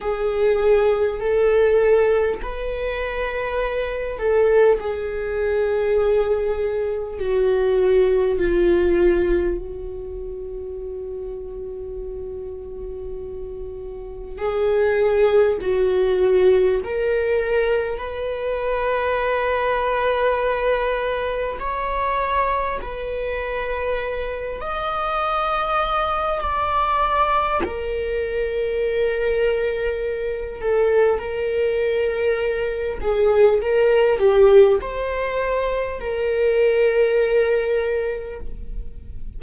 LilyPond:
\new Staff \with { instrumentName = "viola" } { \time 4/4 \tempo 4 = 50 gis'4 a'4 b'4. a'8 | gis'2 fis'4 f'4 | fis'1 | gis'4 fis'4 ais'4 b'4~ |
b'2 cis''4 b'4~ | b'8 dis''4. d''4 ais'4~ | ais'4. a'8 ais'4. gis'8 | ais'8 g'8 c''4 ais'2 | }